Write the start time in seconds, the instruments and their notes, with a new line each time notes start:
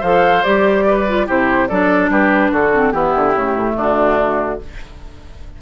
0.00 bassoon F3, clarinet A4, oboe C5, flute F5
0.43 bassoon G3, clarinet G4, flute D5
0.87 oboe B4
1.07 clarinet F4
1.26 bassoon C3, clarinet E4, oboe G4, flute C5
1.68 bassoon F#3, clarinet D4, oboe A4, flute D5
2.09 bassoon G3, oboe G4, flute B4
2.51 bassoon D3, oboe F#4, flute A4
2.73 clarinet C4
2.91 bassoon E3, clarinet B3, oboe E4, flute G4
3.15 bassoon D3
3.35 bassoon C#3, clarinet A3
3.56 bassoon A2
3.76 bassoon D3, oboe D4, flute F#4